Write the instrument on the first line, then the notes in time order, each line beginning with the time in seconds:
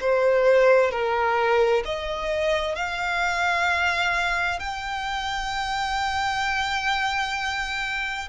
violin
0.00 C5
0.91 A#4
1.85 D#5
2.75 F5
4.59 G5